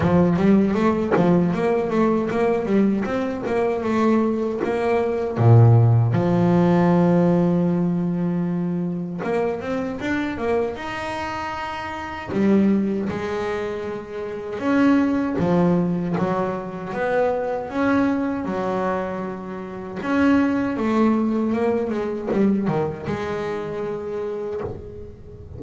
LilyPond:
\new Staff \with { instrumentName = "double bass" } { \time 4/4 \tempo 4 = 78 f8 g8 a8 f8 ais8 a8 ais8 g8 | c'8 ais8 a4 ais4 ais,4 | f1 | ais8 c'8 d'8 ais8 dis'2 |
g4 gis2 cis'4 | f4 fis4 b4 cis'4 | fis2 cis'4 a4 | ais8 gis8 g8 dis8 gis2 | }